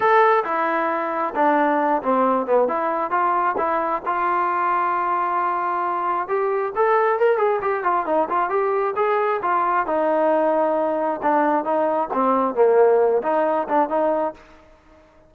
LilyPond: \new Staff \with { instrumentName = "trombone" } { \time 4/4 \tempo 4 = 134 a'4 e'2 d'4~ | d'8 c'4 b8 e'4 f'4 | e'4 f'2.~ | f'2 g'4 a'4 |
ais'8 gis'8 g'8 f'8 dis'8 f'8 g'4 | gis'4 f'4 dis'2~ | dis'4 d'4 dis'4 c'4 | ais4. dis'4 d'8 dis'4 | }